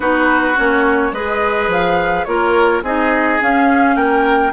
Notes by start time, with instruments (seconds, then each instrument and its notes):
0.00 bassoon B3, clarinet D#4, oboe F#4, flute B4
0.56 bassoon A#3, clarinet C#4, flute C#5
1.12 bassoon G#3, clarinet G#4, oboe B4, flute D#5
1.67 bassoon F3, flute F5
2.24 bassoon A#3, clarinet F4, oboe A#4, flute C#5
2.82 bassoon C4, clarinet D#4, oboe G#4, flute D#5
3.40 clarinet C#4, bassoon C#4, flute F5
3.95 bassoon A#3, oboe A#4, flute G5